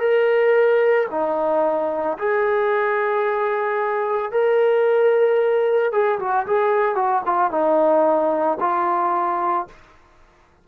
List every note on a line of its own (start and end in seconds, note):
0.00 1.07 A#4
1.11 2.18 D#4
2.19 4.32 G#4
4.32 5.92 A#4
5.92 6.19 G#4
6.19 6.46 F#4
6.46 6.95 G#4
6.95 7.22 F#4
7.26 7.51 F4
7.51 8.58 D#4
8.60 9.67 F4